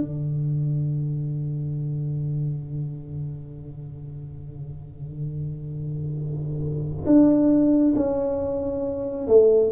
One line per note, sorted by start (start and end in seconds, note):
0.00 7.06 D3
7.07 7.95 D4
7.96 9.28 C#4
9.28 9.72 A3